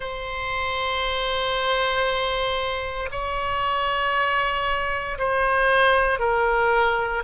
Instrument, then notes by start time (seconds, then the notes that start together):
oboe
0.00 C5
3.11 C#5
5.18 C5
6.19 A#4